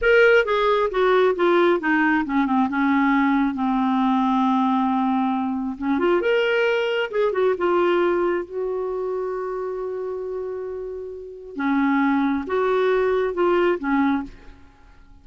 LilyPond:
\new Staff \with { instrumentName = "clarinet" } { \time 4/4 \tempo 4 = 135 ais'4 gis'4 fis'4 f'4 | dis'4 cis'8 c'8 cis'2 | c'1~ | c'4 cis'8 f'8 ais'2 |
gis'8 fis'8 f'2 fis'4~ | fis'1~ | fis'2 cis'2 | fis'2 f'4 cis'4 | }